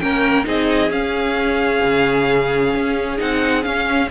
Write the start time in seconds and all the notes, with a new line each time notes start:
0.00 A#3 C#4 A#4 G5
0.45 C4 D#4 G#4 D#5
0.91 C#4 F5
1.84 C#3
2.75 C#4
3.19 C4 D#4 F#5
3.64 C#4 F5